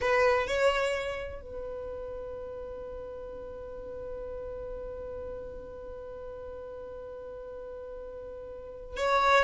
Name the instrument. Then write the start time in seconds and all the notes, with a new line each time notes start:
violin
0.01 B4
0.47 C#5
1.42 B4
8.97 C#5